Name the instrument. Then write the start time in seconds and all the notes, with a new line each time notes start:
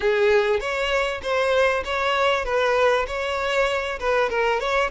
violin
0.00 G#4
0.60 C#5
1.22 C5
1.84 C#5
2.44 B4
3.07 C#5
3.99 B4
4.29 A#4
4.59 C#5